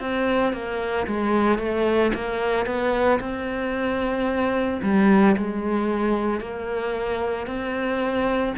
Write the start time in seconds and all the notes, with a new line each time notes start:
0.00 C4
0.53 A#3
1.07 G#3
1.59 A3
2.15 A#3
2.66 B3
3.20 C4
4.83 G3
5.37 G#3
6.40 A#3
7.47 C4